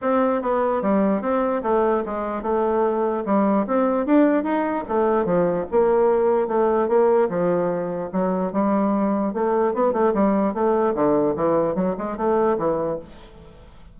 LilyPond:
\new Staff \with { instrumentName = "bassoon" } { \time 4/4 \tempo 4 = 148 c'4 b4 g4 c'4 | a4 gis4 a2 | g4 c'4 d'4 dis'4 | a4 f4 ais2 |
a4 ais4 f2 | fis4 g2 a4 | b8 a8 g4 a4 d4 | e4 fis8 gis8 a4 e4 | }